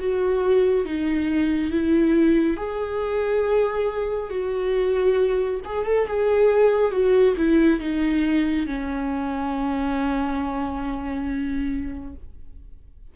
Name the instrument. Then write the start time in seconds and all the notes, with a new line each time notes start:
viola
0.00 F#4
0.86 D#4
1.72 E4
2.57 G#4
4.30 F#4
5.65 G#4
5.86 A4
6.08 G#4
6.92 F#4
7.37 E4
7.81 D#4
8.67 C#4